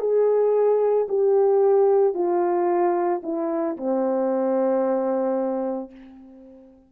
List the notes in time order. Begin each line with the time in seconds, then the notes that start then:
0.00 G#4
1.09 G4
2.14 F4
3.23 E4
3.77 C4